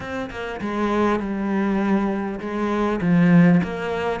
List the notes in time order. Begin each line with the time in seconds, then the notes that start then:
0.00 C4
0.30 A#3
0.60 G#3
1.19 G3
2.40 G#3
3.01 F3
3.63 A#3